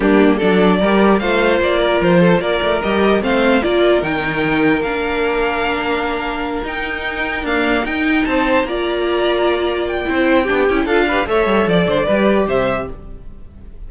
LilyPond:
<<
  \new Staff \with { instrumentName = "violin" } { \time 4/4 \tempo 4 = 149 g'4 d''2 f''4 | d''4 c''4 d''4 dis''4 | f''4 d''4 g''2 | f''1~ |
f''8 g''2 f''4 g''8~ | g''8 a''4 ais''2~ ais''8~ | ais''8 g''2~ g''8 f''4 | e''4 d''2 e''4 | }
  \new Staff \with { instrumentName = "violin" } { \time 4/4 d'4 a'4 ais'4 c''4~ | c''8 ais'4 a'8 ais'2 | c''4 ais'2.~ | ais'1~ |
ais'1~ | ais'8 c''4 d''2~ d''8~ | d''4 c''4 g'4 a'8 b'8 | cis''4 d''8 c''8 b'4 c''4 | }
  \new Staff \with { instrumentName = "viola" } { \time 4/4 ais4 d'4 g'4 f'4~ | f'2. g'4 | c'4 f'4 dis'2 | d'1~ |
d'8 dis'2 ais4 dis'8~ | dis'4. f'2~ f'8~ | f'4 e'4 d'8 e'8 f'8 g'8 | a'2 g'2 | }
  \new Staff \with { instrumentName = "cello" } { \time 4/4 g4 fis4 g4 a4 | ais4 f4 ais8 a8 g4 | a4 ais4 dis2 | ais1~ |
ais8 dis'2 d'4 dis'8~ | dis'8 c'4 ais2~ ais8~ | ais4 c'4 b8 cis'8 d'4 | a8 g8 f8 d8 g4 c4 | }
>>